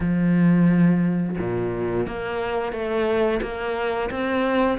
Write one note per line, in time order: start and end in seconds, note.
0.00 1.36 F3
1.38 2.06 A#2
2.06 2.72 A#3
2.72 3.40 A3
3.42 4.10 A#3
4.10 4.78 C4